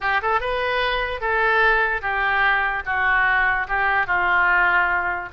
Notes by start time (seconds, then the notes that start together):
0.01 G4
0.22 A4
0.40 B4
1.21 A4
2.01 G4
2.85 F#4
3.68 G4
4.06 F4